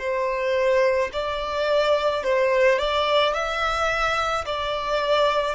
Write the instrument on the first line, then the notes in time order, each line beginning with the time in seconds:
violin
0.00 C5
1.14 D5
2.24 C5
2.79 D5
3.34 E5
4.46 D5